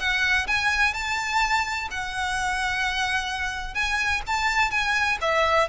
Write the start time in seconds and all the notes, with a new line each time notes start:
0.00 F#5
0.48 G#5
0.94 A5
1.91 F#5
3.75 G#5
4.27 A5
4.71 G#5
5.21 E5